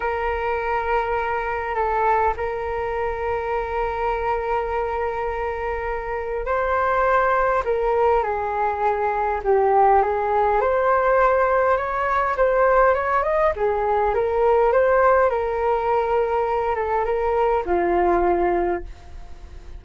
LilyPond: \new Staff \with { instrumentName = "flute" } { \time 4/4 \tempo 4 = 102 ais'2. a'4 | ais'1~ | ais'2. c''4~ | c''4 ais'4 gis'2 |
g'4 gis'4 c''2 | cis''4 c''4 cis''8 dis''8 gis'4 | ais'4 c''4 ais'2~ | ais'8 a'8 ais'4 f'2 | }